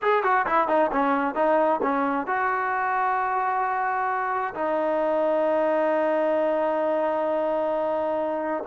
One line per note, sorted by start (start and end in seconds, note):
0.01 0.23 G#4
0.23 0.46 F#4
0.46 0.68 E4
0.68 0.90 D#4
0.92 1.34 C#4
1.34 1.80 D#4
1.82 2.26 C#4
2.26 4.54 F#4
4.54 8.63 D#4